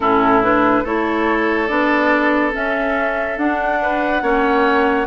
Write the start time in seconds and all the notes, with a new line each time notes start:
0.00 A2 C#4 E4 A4
0.42 D4 B4
0.83 A3 E4 A4 C#5
1.67 B3 D4 D5
2.52 C#4 E5
3.37 D4 F#5
3.82 B4
4.21 A#3 C#4 C#5